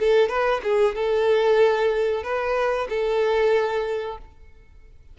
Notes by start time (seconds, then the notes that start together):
0.00 A4
0.29 B4
0.63 G#4
0.96 A4
2.23 B4
2.89 A4